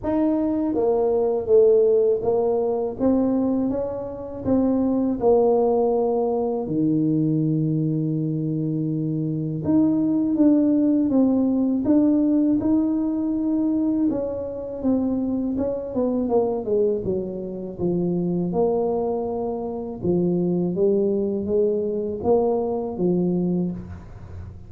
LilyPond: \new Staff \with { instrumentName = "tuba" } { \time 4/4 \tempo 4 = 81 dis'4 ais4 a4 ais4 | c'4 cis'4 c'4 ais4~ | ais4 dis2.~ | dis4 dis'4 d'4 c'4 |
d'4 dis'2 cis'4 | c'4 cis'8 b8 ais8 gis8 fis4 | f4 ais2 f4 | g4 gis4 ais4 f4 | }